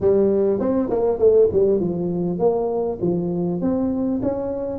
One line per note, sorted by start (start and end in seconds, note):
0.00 0.59 G3
0.59 0.89 C4
0.90 1.18 A#3
1.18 1.48 A3
1.52 1.79 G3
1.79 2.38 F3
2.38 2.98 A#3
3.01 3.61 F3
3.61 4.21 C4
4.22 4.79 C#4